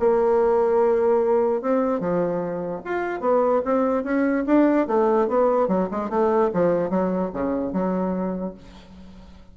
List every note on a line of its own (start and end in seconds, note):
0.00 1.62 A#3
1.62 2.00 C4
2.00 2.82 F3
2.85 3.21 F4
3.21 3.62 B3
3.65 4.04 C4
4.04 4.45 C#4
4.47 4.87 D4
4.88 5.28 A3
5.28 5.68 B3
5.68 5.88 F#3
5.91 6.10 G#3
6.10 6.50 A3
6.54 6.90 F3
6.90 7.31 F#3
7.33 7.73 C#3
7.73 8.55 F#3